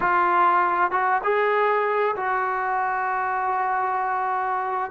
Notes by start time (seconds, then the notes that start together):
0.00 F4
0.91 F#4
1.23 G#4
2.16 F#4